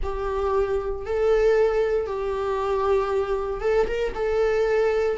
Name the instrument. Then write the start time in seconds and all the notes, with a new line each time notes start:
viola
0.03 G4
1.05 A4
2.06 G4
3.60 A4
3.87 A#4
4.14 A4